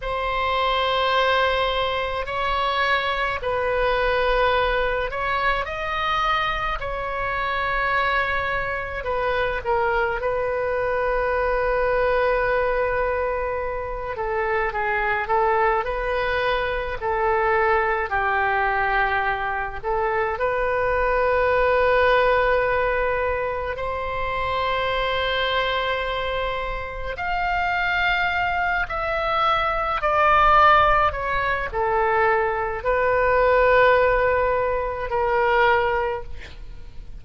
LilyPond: \new Staff \with { instrumentName = "oboe" } { \time 4/4 \tempo 4 = 53 c''2 cis''4 b'4~ | b'8 cis''8 dis''4 cis''2 | b'8 ais'8 b'2.~ | b'8 a'8 gis'8 a'8 b'4 a'4 |
g'4. a'8 b'2~ | b'4 c''2. | f''4. e''4 d''4 cis''8 | a'4 b'2 ais'4 | }